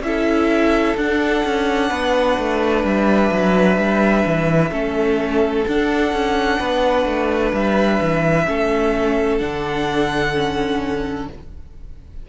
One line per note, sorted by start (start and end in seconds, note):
0.00 0.94 C#4
0.00 0.97 E4
0.00 0.97 E5
0.06 1.89 A4
0.97 1.44 D4
0.97 4.71 D4
0.97 2.85 F#5
1.45 1.91 C#4
1.89 2.38 B3
1.89 4.71 B4
2.38 2.84 A3
2.84 3.31 G3
2.84 5.67 E5
3.31 3.77 F#3
3.77 4.24 G3
4.26 4.71 E3
4.71 5.65 A3
4.71 5.65 C#4
4.71 6.59 A4
5.67 6.12 D4
5.67 8.46 D4
5.67 7.54 F#5
6.12 6.59 C#4
6.59 7.06 B3
6.59 8.47 B4
7.06 7.53 A3
7.53 8.00 G3
7.53 9.38 E5
8.01 8.47 E3
8.46 9.41 A3
8.46 9.40 C#4
8.46 11.29 A4
9.38 11.28 D3
9.38 10.33 D4
9.38 11.25 F#5
10.34 11.28 C#4